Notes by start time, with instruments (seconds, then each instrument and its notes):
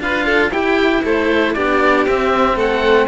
0.00 cello D4 F4, violin B4, oboe F5
0.26 violin A4
0.51 cello E4, violin G4, oboe G5
1.04 cello A3, violin A4, oboe C5
1.54 cello B3 D4, violin G4, oboe D5
2.07 cello C4, oboe E5
2.56 cello A3, violin A4, oboe F#5